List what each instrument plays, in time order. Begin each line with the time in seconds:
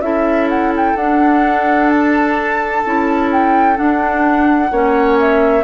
0.00 bassoon C#4, clarinet E4, oboe A4, flute E5
0.49 flute F#5
0.76 flute G5
0.96 bassoon D4, clarinet D4, flute F#5
1.89 flute A5
2.85 bassoon C#4, clarinet E4
3.32 flute G5
3.75 clarinet D4, bassoon D4, flute F#5
4.71 bassoon A#3, clarinet C#4, oboe C#5
5.20 flute E5